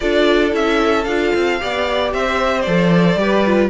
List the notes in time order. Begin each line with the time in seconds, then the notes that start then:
0.00 D4 F4 A4 D5
0.51 C#4 E4 E5
1.04 D4 F4 F5
1.35 C4
1.60 B3 G4 D5
2.13 C4 C5 E5
2.61 F3 A4 D5
3.15 G3 G4 B4
3.46 F4